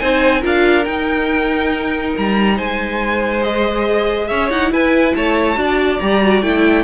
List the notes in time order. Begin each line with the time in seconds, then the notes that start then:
0.00 C4 D#4 C5 G#5
0.41 D4 F4 A#4 F5
0.85 D#4 G5
2.18 G3 A#5
2.56 G#3 C5 G#5
3.43 G#4 D#5
4.28 C#4 C#5 E5
4.50 D#4 E4 F#5
4.72 E4 B4 G#5
5.15 A3 C#5 A5
5.56 D4 F#4 D5
6.00 G3 G4 A#5
6.23 F#4
6.42 A3 E4 G5